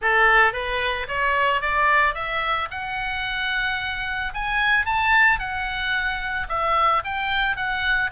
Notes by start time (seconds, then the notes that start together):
0.01 A4
0.52 B4
1.07 C#5
1.61 D5
2.14 E5
2.71 F#5
4.34 G#5
4.85 A5
5.39 F#5
6.49 E5
7.04 G5
7.56 F#5